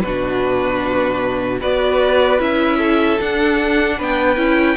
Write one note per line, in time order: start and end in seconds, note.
0.00 1.61 B2
0.00 1.60 D4
0.00 1.60 F#4
0.00 1.58 B4
1.60 2.39 B3
1.60 2.39 F#4
1.60 2.78 B4
1.60 2.40 D5
2.39 3.18 C#4
2.39 3.18 E4
2.39 3.20 E5
2.78 3.96 A4
3.20 4.36 D4
3.20 4.00 D4
3.20 4.00 F#5
3.97 4.36 B3
3.97 4.76 B4
3.97 4.76 G5
4.36 4.76 C#4
4.36 4.75 E4